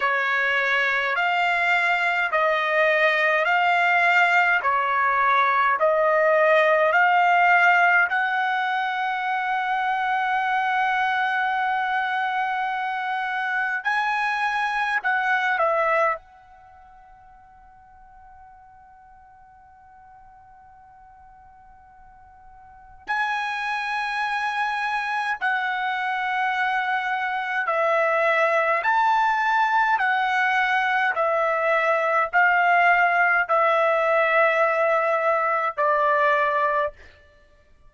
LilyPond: \new Staff \with { instrumentName = "trumpet" } { \time 4/4 \tempo 4 = 52 cis''4 f''4 dis''4 f''4 | cis''4 dis''4 f''4 fis''4~ | fis''1 | gis''4 fis''8 e''8 fis''2~ |
fis''1 | gis''2 fis''2 | e''4 a''4 fis''4 e''4 | f''4 e''2 d''4 | }